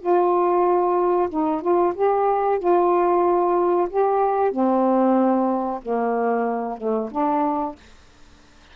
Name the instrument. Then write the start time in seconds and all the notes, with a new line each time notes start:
saxophone
0.00 F4
1.29 D#4
1.61 F4
1.95 G4
2.59 F4
3.90 G4
4.52 C4
5.82 A#3
6.77 A3
7.11 D4